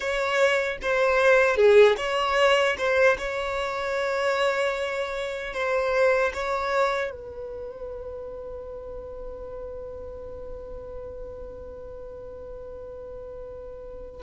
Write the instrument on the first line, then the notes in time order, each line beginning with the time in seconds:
violin
0.00 C#5
0.81 C5
1.56 G#4
1.97 C#5
2.77 C5
3.18 C#5
5.53 C5
6.33 C#5
7.11 B4